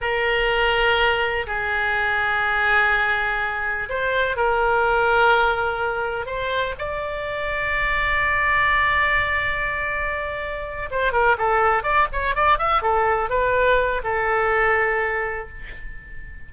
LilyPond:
\new Staff \with { instrumentName = "oboe" } { \time 4/4 \tempo 4 = 124 ais'2. gis'4~ | gis'1 | c''4 ais'2.~ | ais'4 c''4 d''2~ |
d''1~ | d''2~ d''8 c''8 ais'8 a'8~ | a'8 d''8 cis''8 d''8 e''8 a'4 b'8~ | b'4 a'2. | }